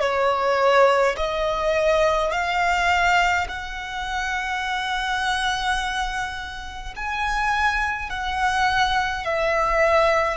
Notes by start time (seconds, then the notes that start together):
0.00 C#5
1.16 D#5
2.32 F5
3.48 F#5
6.95 G#5
8.10 F#5
9.25 E5